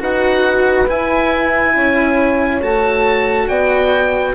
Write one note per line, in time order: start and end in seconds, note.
0.00 0.89 D#4
0.00 0.87 F#4
0.00 1.74 B4
0.00 0.90 F#5
0.87 2.61 E4
0.87 1.76 E4
0.87 2.63 G#5
1.75 2.62 C#4
1.75 3.48 C#5
2.62 3.49 A3
2.62 4.35 F#4
2.62 3.49 A5
3.48 4.35 B3
3.48 4.35 D5
3.48 4.35 G5